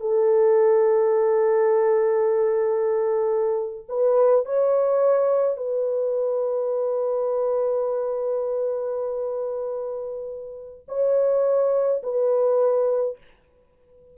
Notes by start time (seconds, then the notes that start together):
0.00 A4
3.88 B4
4.45 C#5
5.57 B4
10.88 C#5
12.03 B4